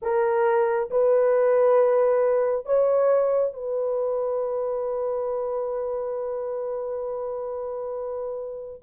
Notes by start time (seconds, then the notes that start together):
0.02 A#4
0.90 B4
2.65 C#5
3.53 B4